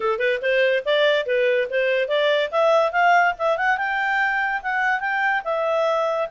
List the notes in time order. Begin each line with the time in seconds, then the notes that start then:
0.00 A4
0.18 B4
0.41 C5
0.85 D5
1.25 B4
1.70 C5
2.08 D5
2.51 E5
2.92 F5
3.38 E5
3.57 F#5
3.77 G5
4.62 F#5
5.00 G5
5.44 E5